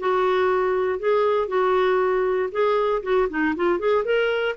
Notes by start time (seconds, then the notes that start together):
0.00 F#4
1.00 G#4
1.48 F#4
2.52 G#4
3.03 F#4
3.30 D#4
3.57 F4
3.80 G#4
4.05 A#4